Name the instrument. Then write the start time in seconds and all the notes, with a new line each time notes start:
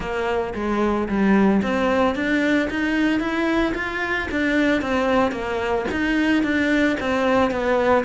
cello
0.00 A#3
0.54 G#3
1.08 G3
1.62 C4
2.15 D4
2.70 D#4
3.19 E4
3.74 F4
4.31 D4
4.81 C4
5.31 A#3
5.91 D#4
6.43 D4
6.99 C4
7.50 B3